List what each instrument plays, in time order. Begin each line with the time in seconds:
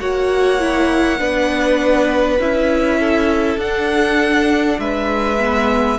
0.00 cello A#3, viola F#4, violin C#5 F#5
0.60 viola E4
1.19 cello B3, viola D4, violin B4
2.39 cello C#4, viola E4, violin E5
3.00 violin A4
3.58 cello D4, viola D4, violin F#5
4.79 cello G#3, violin B4 E5
5.39 viola B3